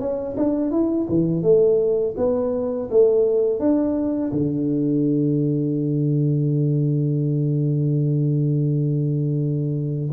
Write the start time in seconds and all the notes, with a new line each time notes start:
0.00 C#4
0.37 D4
0.71 E4
1.09 E3
1.43 A3
2.18 B3
2.91 A3
3.59 D4
4.32 D3